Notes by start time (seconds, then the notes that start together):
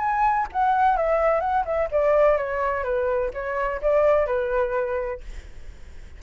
0.00 G#5
0.53 F#5
0.97 E5
1.41 F#5
1.66 E5
1.92 D5
2.38 C#5
2.84 B4
3.34 C#5
3.82 D5
4.27 B4